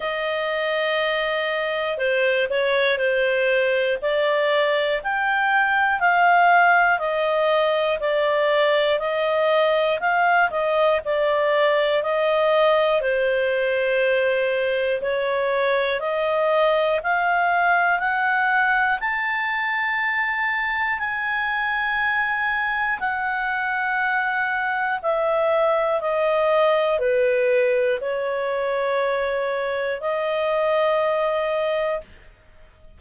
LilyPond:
\new Staff \with { instrumentName = "clarinet" } { \time 4/4 \tempo 4 = 60 dis''2 c''8 cis''8 c''4 | d''4 g''4 f''4 dis''4 | d''4 dis''4 f''8 dis''8 d''4 | dis''4 c''2 cis''4 |
dis''4 f''4 fis''4 a''4~ | a''4 gis''2 fis''4~ | fis''4 e''4 dis''4 b'4 | cis''2 dis''2 | }